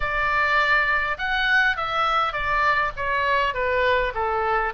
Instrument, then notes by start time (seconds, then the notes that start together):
oboe
0.00 D5
1.17 F#5
1.76 E5
2.32 D5
2.96 C#5
3.54 B4
4.14 A4